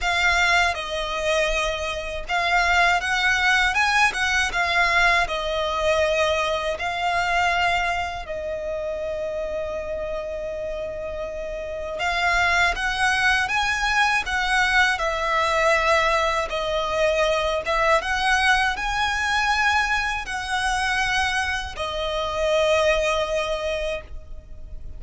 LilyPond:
\new Staff \with { instrumentName = "violin" } { \time 4/4 \tempo 4 = 80 f''4 dis''2 f''4 | fis''4 gis''8 fis''8 f''4 dis''4~ | dis''4 f''2 dis''4~ | dis''1 |
f''4 fis''4 gis''4 fis''4 | e''2 dis''4. e''8 | fis''4 gis''2 fis''4~ | fis''4 dis''2. | }